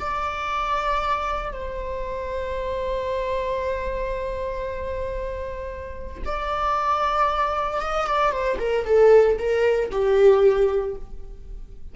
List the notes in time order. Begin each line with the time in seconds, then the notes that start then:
0.00 D5
1.53 C5
6.26 D5
7.81 D#5
8.07 D5
8.32 C5
8.60 A#4
8.86 A4
9.39 A#4
9.92 G4